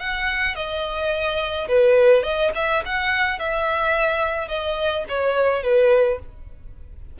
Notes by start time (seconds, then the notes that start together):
0.00 F#5
0.56 D#5
1.68 B4
2.23 D#5
2.55 E5
2.85 F#5
3.39 E5
4.48 D#5
5.09 C#5
5.63 B4